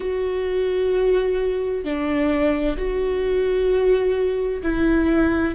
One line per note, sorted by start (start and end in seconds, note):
0.00 1.84 F#4
1.84 2.77 D4
2.77 4.62 F#4
4.62 5.54 E4